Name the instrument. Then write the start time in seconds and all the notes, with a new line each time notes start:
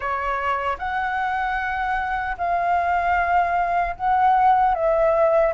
flute
0.00 C#5
0.78 F#5
2.37 F5
3.95 F#5
4.74 E5